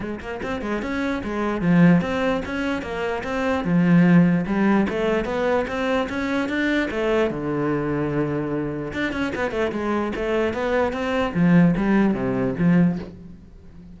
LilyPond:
\new Staff \with { instrumentName = "cello" } { \time 4/4 \tempo 4 = 148 gis8 ais8 c'8 gis8 cis'4 gis4 | f4 c'4 cis'4 ais4 | c'4 f2 g4 | a4 b4 c'4 cis'4 |
d'4 a4 d2~ | d2 d'8 cis'8 b8 a8 | gis4 a4 b4 c'4 | f4 g4 c4 f4 | }